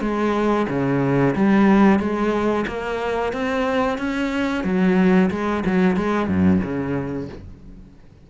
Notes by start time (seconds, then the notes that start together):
0.00 G#3
0.69 C#3
1.35 G3
1.99 G#3
2.67 A#3
3.32 C4
3.98 C#4
4.64 F#3
5.30 G#3
5.66 F#3
5.96 G#3
6.27 F#2
6.63 C#3